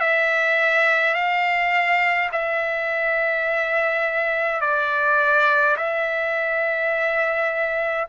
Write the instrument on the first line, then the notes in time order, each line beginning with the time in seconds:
trumpet
0.00 E5
1.14 F5
2.32 E5
4.61 D5
5.77 E5